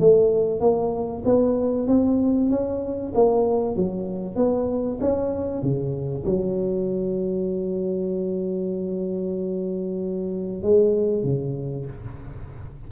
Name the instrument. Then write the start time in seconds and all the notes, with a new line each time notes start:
tuba
0.00 A3
0.61 A#3
1.25 B3
1.88 C4
2.50 C#4
3.14 A#3
3.76 F#3
4.36 B3
5.01 C#4
5.62 C#3
6.26 F#3
10.63 G#3
11.23 C#3